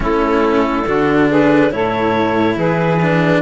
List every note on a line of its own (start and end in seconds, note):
0.00 0.86 A3
0.00 0.82 C#4
0.00 0.87 E4
0.00 1.30 A4
0.86 1.72 D3
0.86 1.70 D4
0.86 1.29 F#4
1.29 1.72 G#4
1.29 1.72 B4
1.70 2.56 A2
1.70 2.99 E4
1.70 2.55 A4
1.70 2.57 C#5
2.55 3.41 E3
2.55 3.40 G#4
2.55 3.41 B4
3.01 3.41 D4